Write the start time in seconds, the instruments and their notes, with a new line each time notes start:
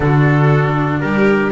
0.00 double bass D3, cello D4, violin F#4, trumpet A4
1.00 double bass G3, violin G4, trumpet A#4